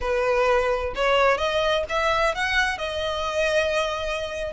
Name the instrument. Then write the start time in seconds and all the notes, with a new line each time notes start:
violin
0.00 B4
0.95 C#5
1.37 D#5
1.89 E5
2.35 F#5
2.78 D#5